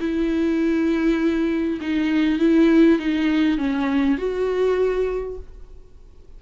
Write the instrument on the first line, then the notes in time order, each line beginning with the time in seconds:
viola
0.00 E4
1.81 D#4
2.39 E4
2.99 D#4
3.58 C#4
4.18 F#4